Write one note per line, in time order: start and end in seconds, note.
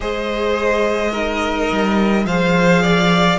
0.00 1.70 G#3
0.00 1.12 G#4
0.00 1.11 C5
0.00 2.26 D#5
1.11 2.25 D#4
1.11 2.25 A#4
1.71 2.25 G3
2.25 3.38 F3
2.25 3.38 G#4
2.25 2.82 C5
2.25 3.38 F5
2.82 3.38 D5